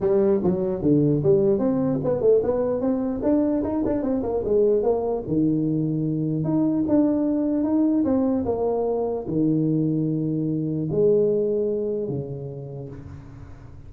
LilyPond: \new Staff \with { instrumentName = "tuba" } { \time 4/4 \tempo 4 = 149 g4 fis4 d4 g4 | c'4 b8 a8 b4 c'4 | d'4 dis'8 d'8 c'8 ais8 gis4 | ais4 dis2. |
dis'4 d'2 dis'4 | c'4 ais2 dis4~ | dis2. gis4~ | gis2 cis2 | }